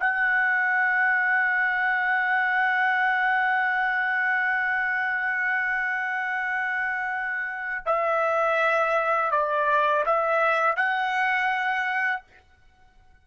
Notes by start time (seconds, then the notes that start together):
0.00 F#5
7.86 E5
9.32 D5
10.06 E5
10.77 F#5